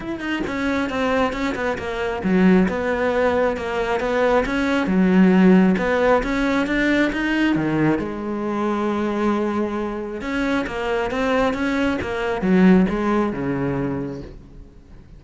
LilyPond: \new Staff \with { instrumentName = "cello" } { \time 4/4 \tempo 4 = 135 e'8 dis'8 cis'4 c'4 cis'8 b8 | ais4 fis4 b2 | ais4 b4 cis'4 fis4~ | fis4 b4 cis'4 d'4 |
dis'4 dis4 gis2~ | gis2. cis'4 | ais4 c'4 cis'4 ais4 | fis4 gis4 cis2 | }